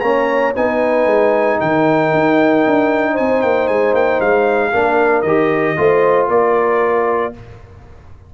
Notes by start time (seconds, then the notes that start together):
0.00 A#3 C#4 C#5 A#5
0.54 B3 D#4 B4 G#5
1.05 G#3
1.59 D#3 A#4 G5
2.12 D#4
2.66 D4
3.12 C5 G#5
3.18 C4
3.41 A#3 G5
3.67 G#3 G#5
3.93 A#3 G5
4.20 G#3 F5
4.71 A#3 D4 A#4
5.22 D#3 G4 D#5
5.77 A3 F4 C5
6.28 A#3 A#4 D5